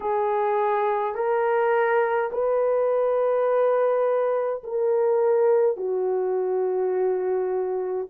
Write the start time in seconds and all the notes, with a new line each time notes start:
0.00 G#4
1.14 A#4
2.32 B4
4.63 A#4
5.76 F#4